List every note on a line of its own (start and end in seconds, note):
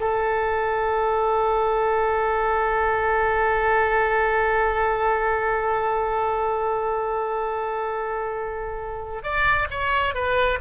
0.00 9.24 A4
9.24 9.68 D5
9.71 10.15 C#5
10.15 10.59 B4